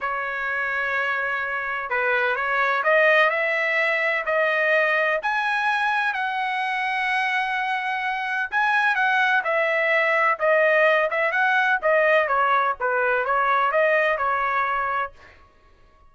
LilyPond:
\new Staff \with { instrumentName = "trumpet" } { \time 4/4 \tempo 4 = 127 cis''1 | b'4 cis''4 dis''4 e''4~ | e''4 dis''2 gis''4~ | gis''4 fis''2.~ |
fis''2 gis''4 fis''4 | e''2 dis''4. e''8 | fis''4 dis''4 cis''4 b'4 | cis''4 dis''4 cis''2 | }